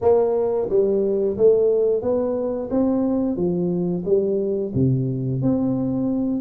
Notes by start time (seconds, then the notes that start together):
0.01 A#3
0.69 G3
1.37 A3
2.01 B3
2.70 C4
3.36 F3
4.04 G3
4.74 C3
5.41 C4